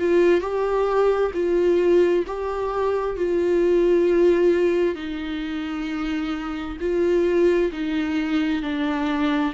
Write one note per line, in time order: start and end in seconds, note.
0.00 0.41 F4
0.41 1.32 G4
1.34 2.25 F4
2.27 3.17 G4
3.17 4.95 F4
4.95 6.77 D#4
6.81 7.71 F4
7.72 8.62 D#4
8.62 9.53 D4